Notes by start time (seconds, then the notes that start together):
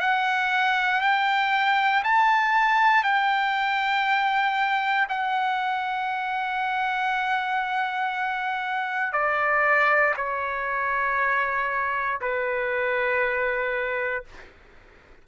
0.00 F#5
1.01 G5
2.04 A5
3.04 G5
5.09 F#5
9.12 D5
10.16 C#5
12.21 B4